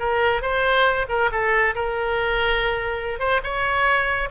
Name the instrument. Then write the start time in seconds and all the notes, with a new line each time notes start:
oboe
0.00 A#4
0.42 C5
1.09 A#4
1.32 A4
1.76 A#4
3.20 C5
3.44 C#5